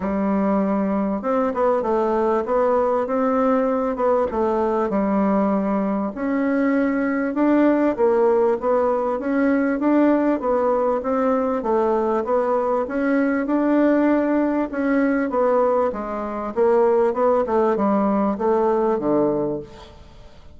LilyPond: \new Staff \with { instrumentName = "bassoon" } { \time 4/4 \tempo 4 = 98 g2 c'8 b8 a4 | b4 c'4. b8 a4 | g2 cis'2 | d'4 ais4 b4 cis'4 |
d'4 b4 c'4 a4 | b4 cis'4 d'2 | cis'4 b4 gis4 ais4 | b8 a8 g4 a4 d4 | }